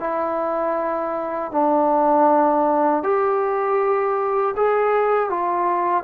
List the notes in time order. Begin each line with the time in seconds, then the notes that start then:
0.00 E4
1.52 D4
3.03 G4
4.57 G#4
5.30 F4